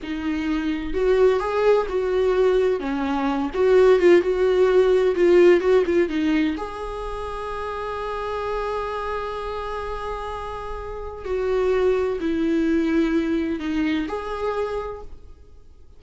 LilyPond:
\new Staff \with { instrumentName = "viola" } { \time 4/4 \tempo 4 = 128 dis'2 fis'4 gis'4 | fis'2 cis'4. fis'8~ | fis'8 f'8 fis'2 f'4 | fis'8 f'8 dis'4 gis'2~ |
gis'1~ | gis'1 | fis'2 e'2~ | e'4 dis'4 gis'2 | }